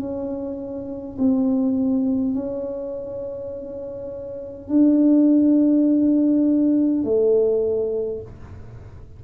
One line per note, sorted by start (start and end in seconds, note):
0.00 1.18 C#4
1.19 2.35 C4
2.35 4.69 C#4
4.69 7.04 D4
7.04 8.22 A3